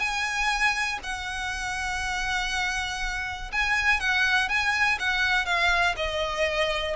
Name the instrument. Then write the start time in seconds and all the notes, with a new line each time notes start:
violin
0.00 G#5
1.03 F#5
3.52 G#5
4.00 F#5
4.49 G#5
4.99 F#5
5.46 F5
5.97 D#5